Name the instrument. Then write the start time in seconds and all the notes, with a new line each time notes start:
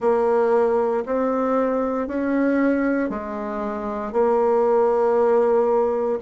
bassoon
0.00 A#3
1.05 C4
2.07 C#4
3.09 G#3
4.12 A#3